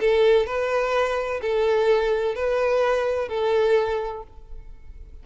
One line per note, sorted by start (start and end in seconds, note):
0.00 0.46 A4
0.46 1.41 B4
1.42 2.35 A4
2.35 3.29 B4
3.29 4.23 A4